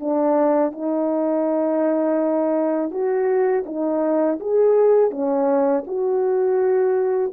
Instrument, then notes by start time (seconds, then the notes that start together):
horn
0.00 D4
0.72 D#4
2.91 F#4
3.66 D#4
4.40 G#4
5.11 C#4
5.87 F#4